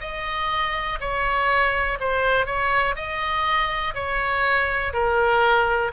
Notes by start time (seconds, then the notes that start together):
0.00 D#5
1.00 C#5
1.99 C5
2.46 C#5
2.96 D#5
3.94 C#5
4.93 A#4